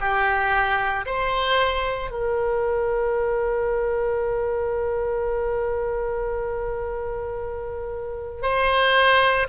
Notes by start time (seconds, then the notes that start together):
0.00 G4
1.06 C5
2.11 A#4
8.42 C5